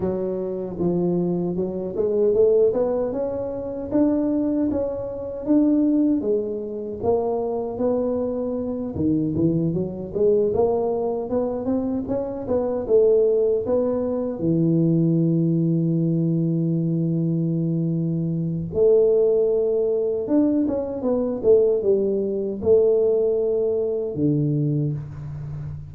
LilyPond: \new Staff \with { instrumentName = "tuba" } { \time 4/4 \tempo 4 = 77 fis4 f4 fis8 gis8 a8 b8 | cis'4 d'4 cis'4 d'4 | gis4 ais4 b4. dis8 | e8 fis8 gis8 ais4 b8 c'8 cis'8 |
b8 a4 b4 e4.~ | e1 | a2 d'8 cis'8 b8 a8 | g4 a2 d4 | }